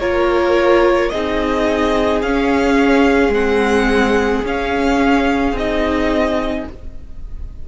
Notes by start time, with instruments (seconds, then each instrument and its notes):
0.00 cello A#3, viola F4, violin A#4 C#5
1.10 cello C4, viola D#4, violin G#4 D#5
2.22 cello C#4, viola C#4, violin F5
3.29 cello G#3, viola C4, violin F#5
4.45 cello C#4, viola C#4, violin F5
5.53 cello C4, viola D#4, violin D#5